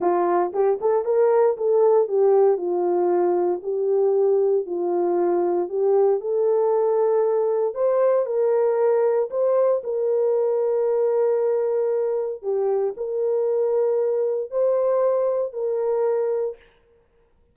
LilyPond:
\new Staff \with { instrumentName = "horn" } { \time 4/4 \tempo 4 = 116 f'4 g'8 a'8 ais'4 a'4 | g'4 f'2 g'4~ | g'4 f'2 g'4 | a'2. c''4 |
ais'2 c''4 ais'4~ | ais'1 | g'4 ais'2. | c''2 ais'2 | }